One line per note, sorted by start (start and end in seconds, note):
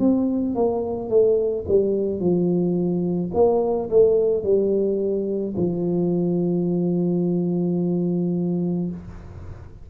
0.00 0.56 C4
0.56 1.10 A#3
1.10 1.66 A3
1.68 2.20 G3
2.20 3.31 F3
3.34 3.90 A#3
3.90 4.44 A3
4.44 5.55 G3
5.57 8.90 F3